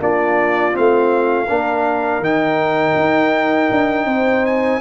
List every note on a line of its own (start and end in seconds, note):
0.00 0.74 A#3
0.00 0.73 D4
0.00 1.48 F4
0.00 0.77 D5
0.73 1.50 A3
0.73 1.47 C4
0.73 2.24 F5
1.48 2.20 A#3
1.48 2.23 D4
1.48 4.08 A#4
2.20 2.94 D#3
2.20 4.81 D#4
2.20 4.46 G5
2.96 3.70 D#4
3.71 4.06 D4
4.06 4.80 C4
4.06 4.81 C5
4.46 4.81 G#5